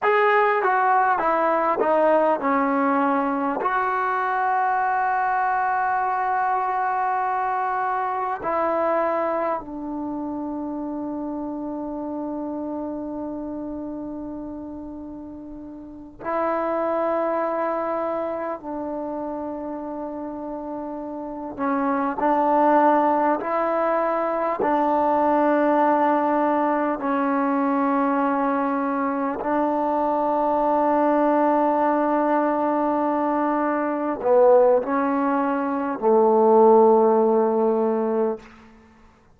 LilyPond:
\new Staff \with { instrumentName = "trombone" } { \time 4/4 \tempo 4 = 50 gis'8 fis'8 e'8 dis'8 cis'4 fis'4~ | fis'2. e'4 | d'1~ | d'4. e'2 d'8~ |
d'2 cis'8 d'4 e'8~ | e'8 d'2 cis'4.~ | cis'8 d'2.~ d'8~ | d'8 b8 cis'4 a2 | }